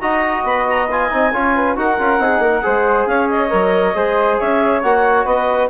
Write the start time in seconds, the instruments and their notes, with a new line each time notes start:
0.00 bassoon D#4, trombone F#4, flute D#5, clarinet A#5
0.43 bassoon B3, clarinet B5
0.69 clarinet A#5
0.91 trombone F4, clarinet G#5
1.10 bassoon C4, trombone D#4
1.33 bassoon C#4, trombone F4, flute C#5
1.55 flute B4
1.76 bassoon D#4, trombone F#4, flute A#4, clarinet F#5
1.98 bassoon C#4, trombone F4
2.19 bassoon C4, trombone D#4, flute G#4
2.39 bassoon A#3, flute A#4
2.62 bassoon G#3, trombone G#4, flute C5
3.06 bassoon C#4, flute C#5, clarinet F5
3.29 clarinet D#5
3.50 bassoon F#3, trombone A#4
3.94 bassoon G#3, trombone G#4, flute C5
4.39 bassoon C#4, flute C#5, clarinet E5
4.82 bassoon A#3, trombone F#4, clarinet F#5
5.25 bassoon B3, flute B4, clarinet D#5